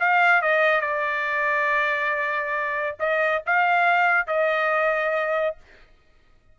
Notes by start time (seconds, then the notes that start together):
0.00 F5
0.42 D#5
0.81 D5
3.00 D#5
3.46 F5
4.27 D#5